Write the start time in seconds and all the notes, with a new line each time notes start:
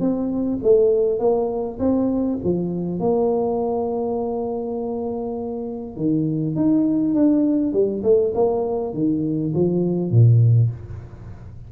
0.00 C4
0.63 A3
1.19 A#3
1.79 C4
2.44 F3
3.00 A#3
5.96 D#3
6.56 D#4
7.14 D4
7.73 G3
8.03 A3
8.35 A#3
8.94 D#3
9.55 F3
10.11 A#2